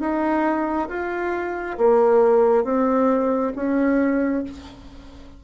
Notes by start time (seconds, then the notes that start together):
0.00 D#4
0.89 F4
1.77 A#3
2.64 C4
3.56 C#4